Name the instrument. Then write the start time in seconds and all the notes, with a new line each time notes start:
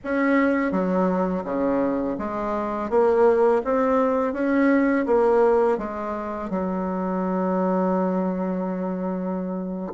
bassoon
0.04 C#4
0.71 F#3
1.44 C#3
2.18 G#3
2.89 A#3
3.64 C4
4.33 C#4
5.06 A#3
5.78 G#3
6.50 F#3